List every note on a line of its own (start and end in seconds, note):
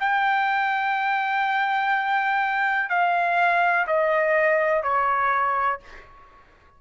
0.00 2.89 G5
2.89 3.86 F5
3.87 4.83 D#5
4.83 5.80 C#5